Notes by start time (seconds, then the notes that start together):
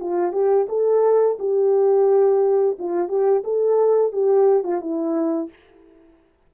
0.00 F4
0.32 G4
0.69 A4
1.39 G4
2.79 F4
3.08 G4
3.44 A4
4.12 G4
4.64 F4
4.81 E4